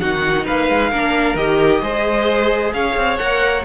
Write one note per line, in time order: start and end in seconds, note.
0.00 0.48 D#3
0.00 0.92 D#4
0.00 0.46 F#4
0.00 0.45 F#5
0.46 0.69 A#3
0.46 0.90 B4
0.46 1.36 F5
0.69 0.92 G#3
0.90 1.35 A#3
0.90 1.37 D4
0.90 1.81 A#4
1.35 1.80 D#3
1.35 1.82 G4
1.35 2.72 D#5
1.82 2.72 G#3
1.82 3.18 G#4
1.82 2.73 C5
2.73 2.96 C#4
2.73 3.65 C#5
2.73 3.17 F5
2.96 3.19 C4
3.17 3.65 A#3
3.17 3.64 A#4
3.17 3.63 F#5